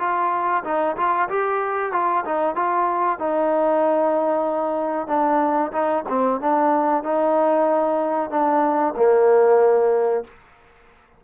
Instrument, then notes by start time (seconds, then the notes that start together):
trombone
0.00 F4
0.65 D#4
0.97 F4
1.29 G4
1.93 F4
2.25 D#4
2.56 F4
3.20 D#4
5.08 D4
5.73 D#4
6.09 C4
6.41 D4
7.04 D#4
8.31 D4
8.97 A#3